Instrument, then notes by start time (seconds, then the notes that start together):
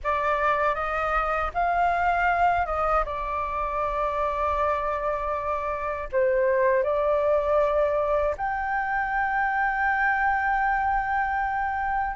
flute
0.03 D5
0.75 D#5
1.54 F5
2.65 D#5
3.05 D5
6.11 C5
6.83 D5
8.37 G5